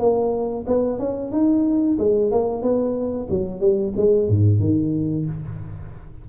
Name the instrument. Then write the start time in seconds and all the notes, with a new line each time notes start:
tuba
0.00 A#3
0.67 B3
1.00 C#4
1.32 D#4
1.99 G#3
2.32 A#3
2.63 B3
3.30 F#3
3.61 G3
3.97 G#3
4.29 G#2
4.60 D#3